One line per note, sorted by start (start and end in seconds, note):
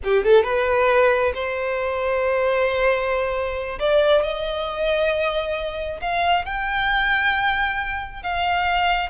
0.04 0.23 G4
0.23 0.43 A4
0.43 1.32 B4
1.34 3.78 C5
3.79 4.22 D5
4.22 6.00 D#5
6.01 6.45 F5
6.45 8.22 G5
8.22 9.09 F5